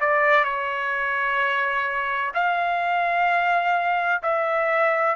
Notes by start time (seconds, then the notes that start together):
0.00 D5
0.44 C#5
2.34 F5
4.23 E5